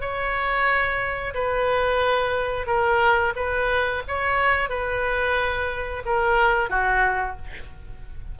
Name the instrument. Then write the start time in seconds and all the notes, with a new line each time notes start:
oboe
0.00 C#5
1.34 B4
2.66 A#4
3.35 B4
4.08 C#5
4.69 B4
6.05 A#4
6.69 F#4